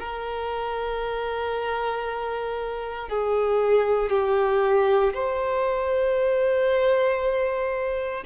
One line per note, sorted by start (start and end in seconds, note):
0.00 3.09 A#4
3.09 4.10 G#4
4.10 5.13 G4
5.14 8.24 C5